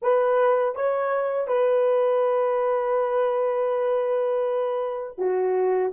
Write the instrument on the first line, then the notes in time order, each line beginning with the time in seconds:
horn
0.02 B4
0.75 C#5
1.47 B4
5.18 F#4